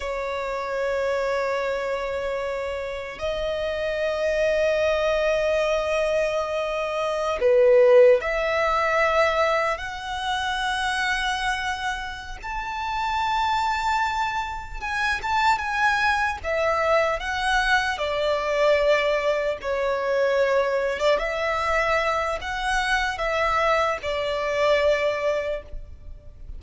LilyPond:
\new Staff \with { instrumentName = "violin" } { \time 4/4 \tempo 4 = 75 cis''1 | dis''1~ | dis''4~ dis''16 b'4 e''4.~ e''16~ | e''16 fis''2.~ fis''16 a''8~ |
a''2~ a''8 gis''8 a''8 gis''8~ | gis''8 e''4 fis''4 d''4.~ | d''8 cis''4.~ cis''16 d''16 e''4. | fis''4 e''4 d''2 | }